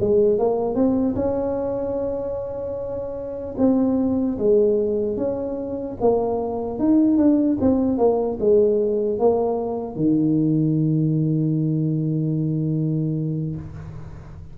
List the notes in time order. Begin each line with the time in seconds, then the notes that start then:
0.00 G#3
0.39 A#3
0.75 C4
1.16 C#4
3.58 C4
4.38 G#3
5.17 C#4
6.01 A#3
6.79 D#4
7.17 D4
7.61 C4
7.98 A#3
8.40 G#3
9.19 A#3
9.96 D#3